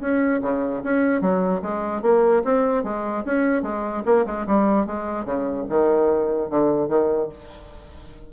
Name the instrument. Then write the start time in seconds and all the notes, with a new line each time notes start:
bassoon
0.00 C#4
0.41 C#3
0.83 C#4
1.21 F#3
1.62 G#3
2.02 A#3
2.44 C4
2.83 G#3
3.25 C#4
3.62 G#3
4.05 A#3
4.26 G#3
4.46 G3
4.86 G#3
5.25 C#3
5.69 D#3
6.50 D3
6.88 D#3